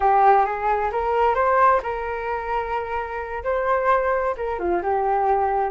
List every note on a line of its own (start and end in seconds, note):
0.00 0.45 G4
0.45 0.91 G#4
0.92 1.34 A#4
1.34 1.80 C5
1.83 3.43 A#4
3.43 4.35 C5
4.37 4.59 A#4
4.59 4.82 F4
4.82 5.71 G4